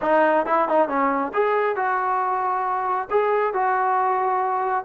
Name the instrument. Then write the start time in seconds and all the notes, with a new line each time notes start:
trombone
0.01 D#4
0.46 E4
0.68 D#4
0.88 C#4
1.33 G#4
1.75 F#4
3.10 G#4
3.53 F#4